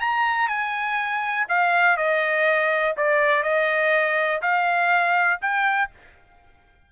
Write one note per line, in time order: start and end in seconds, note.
0.00 0.48 A#5
0.48 1.46 G#5
1.48 1.97 F5
1.97 2.95 D#5
2.97 3.43 D5
3.43 4.41 D#5
4.42 5.40 F5
5.41 5.90 G5